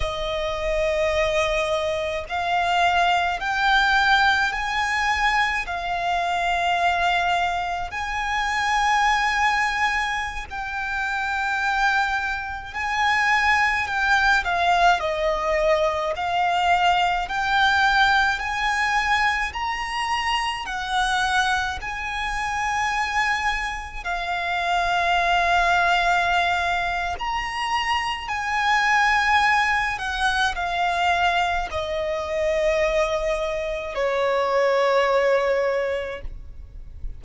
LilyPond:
\new Staff \with { instrumentName = "violin" } { \time 4/4 \tempo 4 = 53 dis''2 f''4 g''4 | gis''4 f''2 gis''4~ | gis''4~ gis''16 g''2 gis''8.~ | gis''16 g''8 f''8 dis''4 f''4 g''8.~ |
g''16 gis''4 ais''4 fis''4 gis''8.~ | gis''4~ gis''16 f''2~ f''8. | ais''4 gis''4. fis''8 f''4 | dis''2 cis''2 | }